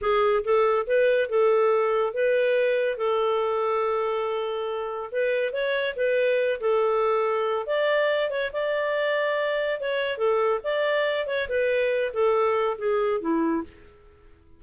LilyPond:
\new Staff \with { instrumentName = "clarinet" } { \time 4/4 \tempo 4 = 141 gis'4 a'4 b'4 a'4~ | a'4 b'2 a'4~ | a'1 | b'4 cis''4 b'4. a'8~ |
a'2 d''4. cis''8 | d''2. cis''4 | a'4 d''4. cis''8 b'4~ | b'8 a'4. gis'4 e'4 | }